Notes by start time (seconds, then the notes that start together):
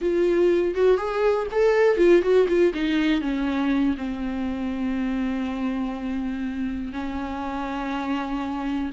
0.01 F4
0.74 F#4
0.97 G#4
1.51 A4
1.97 F4
2.22 F#4
2.48 F4
2.74 D#4
3.21 C#4
3.97 C4
6.92 C#4